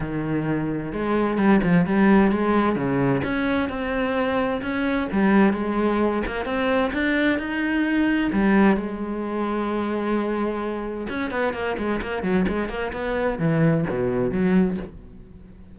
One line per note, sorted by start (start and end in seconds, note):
0.00 0.92 D#3
0.92 1.37 G#3
1.37 1.60 G3
1.63 1.86 F3
1.86 2.31 G3
2.31 2.75 G#3
2.75 3.21 C#3
3.23 3.69 C#4
3.69 4.61 C4
4.62 5.08 C#4
5.11 5.53 G3
5.53 6.22 G#3
6.26 6.45 A#3
6.45 6.91 C4
6.93 7.38 D4
7.38 8.31 D#4
8.32 8.76 G3
8.76 11.07 G#3
11.09 11.31 C#4
11.31 11.53 B3
11.53 11.76 A#3
11.78 12.01 G#3
12.02 12.22 A#3
12.22 12.45 F#3
12.47 12.69 G#3
12.69 12.92 A#3
12.93 13.38 B3
13.38 13.85 E3
13.89 14.31 B2
14.31 14.77 F#3